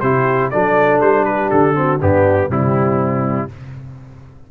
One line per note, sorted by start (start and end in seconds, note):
0.00 0.51 C3
0.00 0.52 E4
0.00 0.51 G4
0.00 0.50 C5
0.50 1.01 F#3
0.50 1.74 D4
0.50 1.26 A4
0.50 1.00 D5
1.01 1.50 G3
1.01 1.25 C5
1.25 1.77 G4
1.25 1.49 B4
1.50 2.01 D3
1.50 2.00 A4
1.74 1.99 C4
1.74 2.01 F#4
2.01 2.50 G2
2.01 2.50 B3
2.01 2.49 D4
2.01 2.51 G4
2.49 3.49 C3
2.49 3.49 G3
2.49 3.48 C4
2.49 3.51 E4